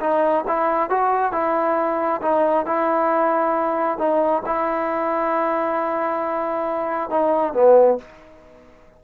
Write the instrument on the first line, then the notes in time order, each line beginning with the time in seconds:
trombone
0.00 D#4
0.47 E4
0.89 F#4
1.32 E4
2.22 D#4
2.66 E4
3.98 D#4
4.45 E4
7.10 D#4
7.53 B3